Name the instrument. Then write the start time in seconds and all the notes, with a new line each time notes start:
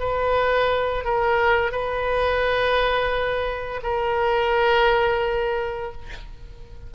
oboe
0.00 B4
1.04 A#4
1.72 B4
3.83 A#4